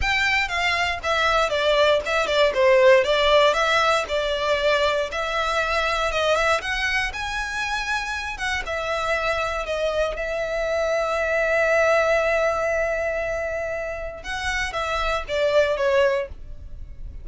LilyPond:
\new Staff \with { instrumentName = "violin" } { \time 4/4 \tempo 4 = 118 g''4 f''4 e''4 d''4 | e''8 d''8 c''4 d''4 e''4 | d''2 e''2 | dis''8 e''8 fis''4 gis''2~ |
gis''8 fis''8 e''2 dis''4 | e''1~ | e''1 | fis''4 e''4 d''4 cis''4 | }